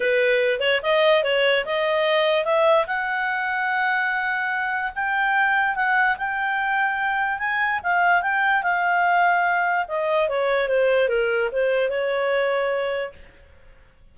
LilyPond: \new Staff \with { instrumentName = "clarinet" } { \time 4/4 \tempo 4 = 146 b'4. cis''8 dis''4 cis''4 | dis''2 e''4 fis''4~ | fis''1 | g''2 fis''4 g''4~ |
g''2 gis''4 f''4 | g''4 f''2. | dis''4 cis''4 c''4 ais'4 | c''4 cis''2. | }